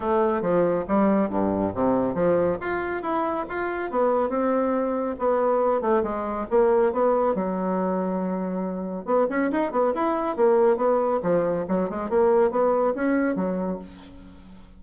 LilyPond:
\new Staff \with { instrumentName = "bassoon" } { \time 4/4 \tempo 4 = 139 a4 f4 g4 g,4 | c4 f4 f'4 e'4 | f'4 b4 c'2 | b4. a8 gis4 ais4 |
b4 fis2.~ | fis4 b8 cis'8 dis'8 b8 e'4 | ais4 b4 f4 fis8 gis8 | ais4 b4 cis'4 fis4 | }